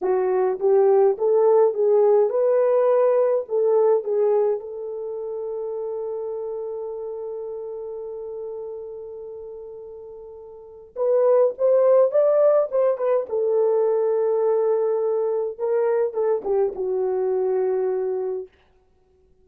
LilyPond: \new Staff \with { instrumentName = "horn" } { \time 4/4 \tempo 4 = 104 fis'4 g'4 a'4 gis'4 | b'2 a'4 gis'4 | a'1~ | a'1~ |
a'2. b'4 | c''4 d''4 c''8 b'8 a'4~ | a'2. ais'4 | a'8 g'8 fis'2. | }